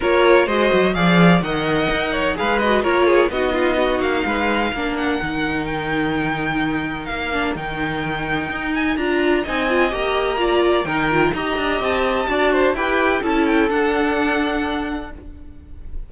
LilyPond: <<
  \new Staff \with { instrumentName = "violin" } { \time 4/4 \tempo 4 = 127 cis''4 dis''4 f''4 fis''4~ | fis''4 f''8 dis''8 cis''4 dis''4~ | dis''8 f''2 fis''4. | g''2. f''4 |
g''2~ g''8 gis''8 ais''4 | gis''4 ais''2 g''4 | ais''4 a''2 g''4 | a''8 g''8 fis''2. | }
  \new Staff \with { instrumentName = "violin" } { \time 4/4 ais'4 c''4 d''4 dis''4~ | dis''8 cis''8 b'4 ais'8 gis'8 fis'8 f'8 | fis'4 b'4 ais'2~ | ais'1~ |
ais'1 | dis''2 d''4 ais'4 | dis''2 d''8 c''8 b'4 | a'1 | }
  \new Staff \with { instrumentName = "viola" } { \time 4/4 f'4 fis'4 gis'4 ais'4~ | ais'4 gis'8 fis'8 f'4 dis'4~ | dis'2 d'4 dis'4~ | dis'2.~ dis'8 d'8 |
dis'2. f'4 | dis'8 f'8 g'4 f'4 dis'8 f'8 | g'2 fis'4 g'4 | e'4 d'2. | }
  \new Staff \with { instrumentName = "cello" } { \time 4/4 ais4 gis8 fis8 f4 dis4 | dis'4 gis4 ais4 b4~ | b8 ais8 gis4 ais4 dis4~ | dis2. ais4 |
dis2 dis'4 d'4 | c'4 ais2 dis4 | dis'8 d'8 c'4 d'4 e'4 | cis'4 d'2. | }
>>